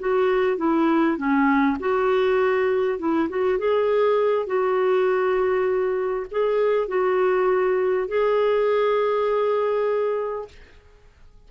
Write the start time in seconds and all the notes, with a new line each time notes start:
0.00 F#4
0.57 E4
1.17 C#4
1.80 F#4
2.99 E4
3.29 F#4
3.59 G#4
4.46 F#4
6.31 G#4
6.88 F#4
8.08 G#4